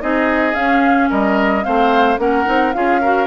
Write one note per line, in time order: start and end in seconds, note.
0.00 0.54 C4
0.00 0.53 D#4
0.00 1.09 G#4
0.00 0.54 D#5
0.53 1.62 C#4
0.53 1.09 C#4
0.53 1.09 F5
1.09 1.65 G3
1.09 1.64 A#4
1.09 1.63 D#5
1.63 2.18 A3
1.63 2.18 C4
1.63 2.20 C5
1.63 2.18 F5
2.18 2.45 A#3
2.18 2.45 C#4
2.18 2.75 A#4
2.18 2.72 F#5
2.45 2.75 C4
2.45 2.72 D#4
2.72 3.26 C#4
2.72 3.01 F4
2.72 3.01 G#4
2.72 3.26 F5
3.01 3.26 F#4
3.01 3.26 A#4